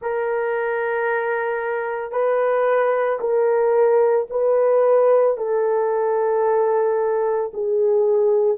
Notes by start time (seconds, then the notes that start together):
0.01 A#4
2.11 B4
3.19 A#4
4.30 B4
5.37 A4
7.53 G#4